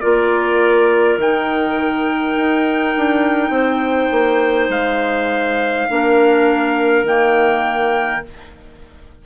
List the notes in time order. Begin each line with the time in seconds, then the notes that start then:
0.00 A#3 F4 A#4 D5
1.17 D#3 D#4 G5
2.36 D#4
2.96 D4
3.49 C4 C5
4.11 A#3
4.68 G#3 F5
5.89 A#3 D4 A#4
7.03 D#3 A#3 G5